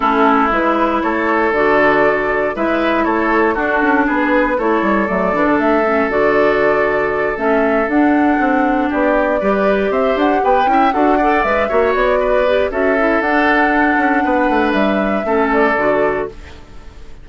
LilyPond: <<
  \new Staff \with { instrumentName = "flute" } { \time 4/4 \tempo 4 = 118 a'4 b'4 cis''4 d''4~ | d''4 e''4 cis''4 a'4 | b'4 cis''4 d''4 e''4 | d''2~ d''8 e''4 fis''8~ |
fis''4. d''2 e''8 | fis''8 g''4 fis''4 e''4 d''8~ | d''4 e''4 fis''2~ | fis''4 e''4. d''4. | }
  \new Staff \with { instrumentName = "oboe" } { \time 4/4 e'2 a'2~ | a'4 b'4 a'4 fis'4 | gis'4 a'2.~ | a'1~ |
a'4. g'4 b'4 c''8~ | c''8 b'8 e''8 a'8 d''4 cis''4 | b'4 a'2. | b'2 a'2 | }
  \new Staff \with { instrumentName = "clarinet" } { \time 4/4 cis'4 e'2 fis'4~ | fis'4 e'2 d'4~ | d'4 e'4 a8 d'4 cis'8 | fis'2~ fis'8 cis'4 d'8~ |
d'2~ d'8 g'4.~ | g'4 e'8 fis'8 a'8 b'8 fis'4~ | fis'8 g'8 fis'8 e'8 d'2~ | d'2 cis'4 fis'4 | }
  \new Staff \with { instrumentName = "bassoon" } { \time 4/4 a4 gis4 a4 d4~ | d4 gis4 a4 d'8 cis'8 | b4 a8 g8 fis8 e16 d16 a4 | d2~ d8 a4 d'8~ |
d'8 c'4 b4 g4 c'8 | d'8 b8 cis'8 d'4 gis8 ais8 b8~ | b4 cis'4 d'4. cis'8 | b8 a8 g4 a4 d4 | }
>>